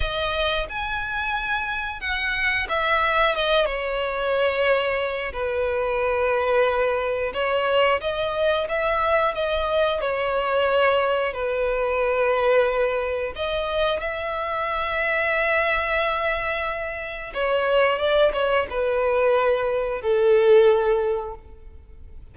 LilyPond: \new Staff \with { instrumentName = "violin" } { \time 4/4 \tempo 4 = 90 dis''4 gis''2 fis''4 | e''4 dis''8 cis''2~ cis''8 | b'2. cis''4 | dis''4 e''4 dis''4 cis''4~ |
cis''4 b'2. | dis''4 e''2.~ | e''2 cis''4 d''8 cis''8 | b'2 a'2 | }